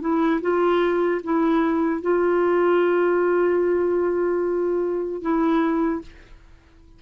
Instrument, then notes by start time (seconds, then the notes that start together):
clarinet
0.00 E4
0.41 F4
1.23 E4
2.01 F4
5.21 E4